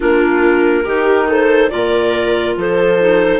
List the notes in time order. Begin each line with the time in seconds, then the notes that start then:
0.00 A#3 D4 F4 A#4
0.84 D#3 D#4 G4
1.28 A4 C5
1.69 A#2 F4 A#4 D5
2.56 F3 A4 C5
3.00 D#4